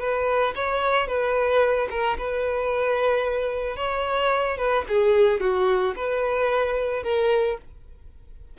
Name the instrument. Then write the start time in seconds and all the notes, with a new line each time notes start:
violin
0.00 B4
0.55 C#5
1.08 B4
1.90 A#4
2.18 B4
3.76 C#5
4.58 B4
4.88 G#4
5.41 F#4
5.96 B4
7.03 A#4